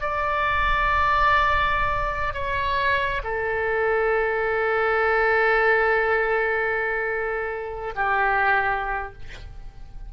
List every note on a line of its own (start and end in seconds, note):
0.00 2.33 D5
2.33 3.21 C#5
3.23 7.94 A4
7.95 9.12 G4